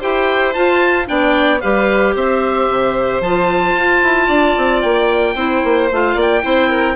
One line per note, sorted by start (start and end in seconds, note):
0.00 0.56 E4
0.00 0.55 G4
0.00 1.07 C5
0.00 0.54 G5
0.54 1.06 F4
0.54 1.09 F4
0.54 1.07 A5
1.06 1.63 B3
1.06 1.60 D4
1.06 1.61 D5
1.06 1.61 G5
1.61 2.16 G3
1.61 3.23 G4
1.61 2.14 B4
1.61 2.15 F5
2.16 2.69 C4
2.16 4.27 C5
2.16 3.23 E5
2.69 3.21 C3
3.21 3.74 F3
3.21 5.37 F4
3.21 4.82 A5
3.74 4.01 F4
4.03 4.29 E4
4.27 4.56 D4
4.27 5.34 D5
4.58 4.84 C4
4.82 5.35 A#3
4.82 5.89 G5
5.35 5.62 C4
5.35 5.90 E4
5.35 6.15 C5
5.64 5.91 A#3
5.92 6.16 A3
5.92 6.42 F4
5.92 6.21 F5
6.15 6.42 A#3
6.15 6.42 D5
6.15 6.96 G5
6.42 6.96 C4
6.42 6.96 E4
6.42 6.69 C5
6.69 6.96 A#4